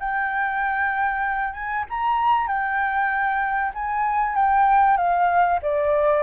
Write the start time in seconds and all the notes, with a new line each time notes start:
0.00 G5
1.54 G#5
1.90 A#5
2.47 G5
3.74 G#5
4.36 G5
4.97 F5
5.62 D5